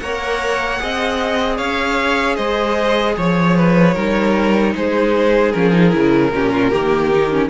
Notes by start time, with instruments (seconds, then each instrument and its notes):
0.00 cello A#3, viola A#4, violin C#5 F#5
0.79 cello C4, viola G#4, violin D#5
1.57 cello C#4, violin C#5 F5
2.36 cello G#3, violin C5 D#5
3.17 cello F3, violin C#5
3.57 violin B4
3.95 cello G3, viola D#4, violin A#4
4.75 cello G#3, violin G#4 C5
5.52 cello F3, viola C#4, violin A#4
5.73 viola D#4
5.90 cello C#3, viola E4
6.32 cello A#2, viola C#4, violin G4
6.52 violin F4
6.70 cello D#3, viola A#3, violin G4
7.13 viola D#4
7.31 viola C#4